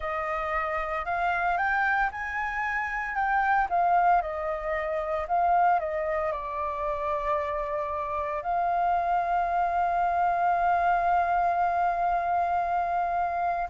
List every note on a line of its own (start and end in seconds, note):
0.00 1.05 D#5
1.05 1.57 F5
1.57 2.10 G5
2.11 3.15 G#5
3.15 3.67 G5
3.69 4.21 F5
4.21 5.26 D#5
5.28 5.79 F5
5.79 6.32 D#5
6.32 8.42 D5
8.42 13.68 F5